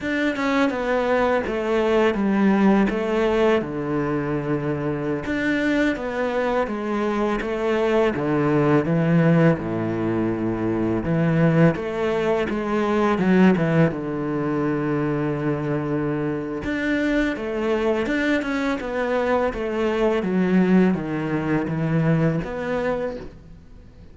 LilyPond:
\new Staff \with { instrumentName = "cello" } { \time 4/4 \tempo 4 = 83 d'8 cis'8 b4 a4 g4 | a4 d2~ d16 d'8.~ | d'16 b4 gis4 a4 d8.~ | d16 e4 a,2 e8.~ |
e16 a4 gis4 fis8 e8 d8.~ | d2. d'4 | a4 d'8 cis'8 b4 a4 | fis4 dis4 e4 b4 | }